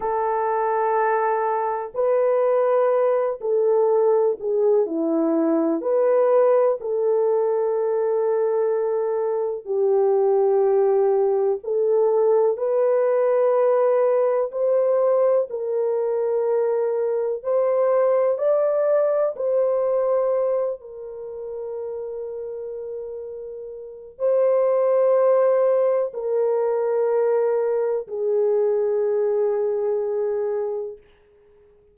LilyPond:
\new Staff \with { instrumentName = "horn" } { \time 4/4 \tempo 4 = 62 a'2 b'4. a'8~ | a'8 gis'8 e'4 b'4 a'4~ | a'2 g'2 | a'4 b'2 c''4 |
ais'2 c''4 d''4 | c''4. ais'2~ ais'8~ | ais'4 c''2 ais'4~ | ais'4 gis'2. | }